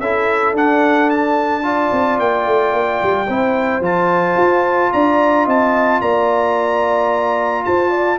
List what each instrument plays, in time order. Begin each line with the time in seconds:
0.00 tuba C#4, trombone E4, horn A4, trumpet E5
0.53 tuba D4, trombone D4, trumpet F#5
1.10 trumpet A5
1.63 trombone F4, horn D5
1.92 tuba C4
2.19 tuba A#3, trumpet G5
2.46 tuba A3
2.74 tuba A#3
3.03 tuba G3
3.28 tuba C4, trombone E4, horn C5
3.81 tuba F3, trombone F4, trumpet A5
4.36 tuba F4
4.93 tuba D4, horn D5, trumpet A#5
5.46 tuba C4, horn D#5, trumpet A5
6.01 tuba A#3, horn D5, trumpet A#5
7.65 tuba F4, horn C5, trumpet A5
7.91 horn D5